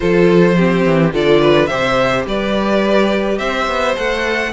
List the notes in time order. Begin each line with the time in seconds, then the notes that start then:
0.00 F3 F4 A4 C5
0.56 C4 G4
0.85 E3
1.12 D3 F4 A4 D5
1.41 B4
1.66 C3 G4 C5 E5
2.26 G3 B4 D5
3.38 C4 C5 E5
3.67 B3
3.95 A3 A4 F#5